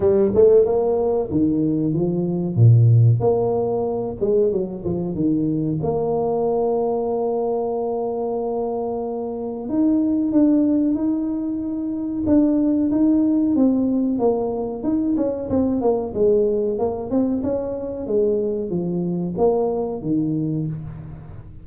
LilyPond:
\new Staff \with { instrumentName = "tuba" } { \time 4/4 \tempo 4 = 93 g8 a8 ais4 dis4 f4 | ais,4 ais4. gis8 fis8 f8 | dis4 ais2.~ | ais2. dis'4 |
d'4 dis'2 d'4 | dis'4 c'4 ais4 dis'8 cis'8 | c'8 ais8 gis4 ais8 c'8 cis'4 | gis4 f4 ais4 dis4 | }